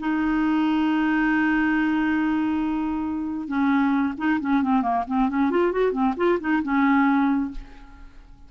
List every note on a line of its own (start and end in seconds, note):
0.00 3.48 D#4
3.48 4.14 C#4
4.18 4.40 D#4
4.41 4.63 C#4
4.63 4.82 C4
4.82 5.05 A#3
5.08 5.30 C4
5.30 5.51 C#4
5.51 5.73 F4
5.73 5.92 F#4
5.92 6.14 C4
6.17 6.39 F4
6.41 6.63 D#4
6.63 7.51 C#4